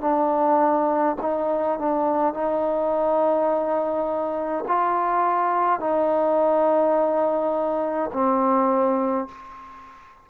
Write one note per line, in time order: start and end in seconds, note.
0.00 1.15 D4
1.21 1.78 D#4
1.78 2.33 D4
2.33 4.64 D#4
4.67 5.80 F4
5.80 8.10 D#4
8.12 9.28 C4